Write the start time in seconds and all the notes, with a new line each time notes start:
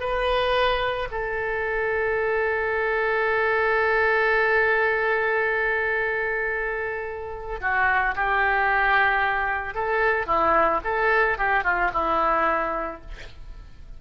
0.00 B4
1.11 A4
7.61 F#4
8.15 G4
9.74 A4
10.26 E4
10.84 A4
11.38 G4
11.64 F4
11.93 E4